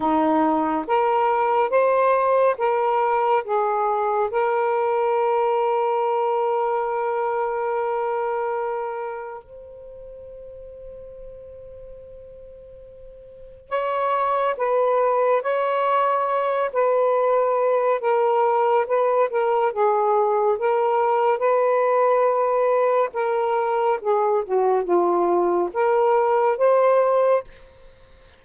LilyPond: \new Staff \with { instrumentName = "saxophone" } { \time 4/4 \tempo 4 = 70 dis'4 ais'4 c''4 ais'4 | gis'4 ais'2.~ | ais'2. c''4~ | c''1 |
cis''4 b'4 cis''4. b'8~ | b'4 ais'4 b'8 ais'8 gis'4 | ais'4 b'2 ais'4 | gis'8 fis'8 f'4 ais'4 c''4 | }